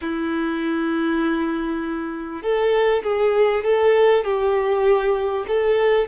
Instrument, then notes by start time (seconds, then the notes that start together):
violin
0.01 E4
2.42 A4
3.03 G#4
3.64 A4
4.24 G4
5.47 A4